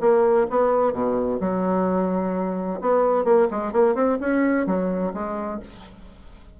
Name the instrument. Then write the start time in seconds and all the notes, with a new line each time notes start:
bassoon
0.00 A#3
0.50 B3
0.93 B2
1.40 F#3
2.81 B3
3.24 A#3
3.51 G#3
3.72 A#3
3.95 C4
4.20 C#4
4.66 F#3
5.13 G#3